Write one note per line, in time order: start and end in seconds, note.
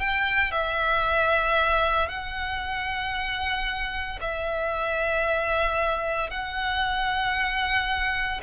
0.00 0.52 G5
0.52 2.09 E5
2.09 4.19 F#5
4.22 6.30 E5
6.30 8.41 F#5